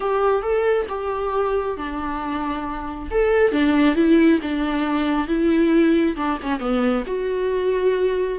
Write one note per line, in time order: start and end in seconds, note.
0.00 0.42 G4
0.42 0.86 A4
0.88 1.77 G4
1.77 3.09 D4
3.11 3.52 A4
3.52 3.95 D4
3.95 4.39 E4
4.42 5.27 D4
5.27 6.15 E4
6.16 6.38 D4
6.42 6.59 C#4
6.59 7.03 B3
7.06 8.38 F#4